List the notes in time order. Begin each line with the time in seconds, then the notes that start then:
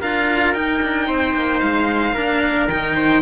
0.00 D4 F4 A#4 F5
0.53 D#4 G5
0.82 D4
1.07 C4 C5
1.33 A#3
1.60 G#3 F5
2.13 A#3 D4 A#4
2.68 D#3 D#4 G5
2.94 C5